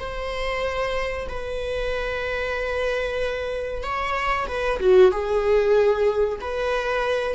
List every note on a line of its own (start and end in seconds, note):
0.00 1.28 C5
1.29 3.83 B4
3.83 4.47 C#5
4.48 4.80 B4
4.80 5.12 F#4
5.12 6.39 G#4
6.41 7.35 B4